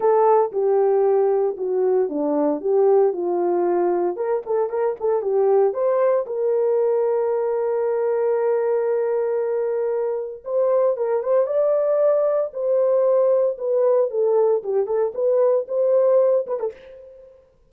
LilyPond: \new Staff \with { instrumentName = "horn" } { \time 4/4 \tempo 4 = 115 a'4 g'2 fis'4 | d'4 g'4 f'2 | ais'8 a'8 ais'8 a'8 g'4 c''4 | ais'1~ |
ais'1 | c''4 ais'8 c''8 d''2 | c''2 b'4 a'4 | g'8 a'8 b'4 c''4. b'16 a'16 | }